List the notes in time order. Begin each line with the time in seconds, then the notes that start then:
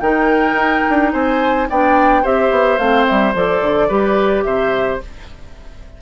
0.00 D#3 D#4 A#4 G5
0.52 D#4
0.89 D4
1.12 C4 C5 G#5
1.69 B3 D4 D5 G5
2.22 C4 G4 C5 E5
2.50 B3
2.77 A3 C4 F5
3.07 G3 E5
3.34 F3 A4 D5
3.61 D3
3.88 G3 G4 B4
4.43 C3 C5 E5